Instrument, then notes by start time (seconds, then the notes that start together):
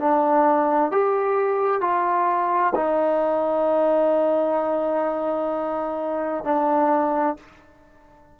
trombone
0.00 D4
0.91 G4
1.81 F4
2.76 D#4
6.45 D4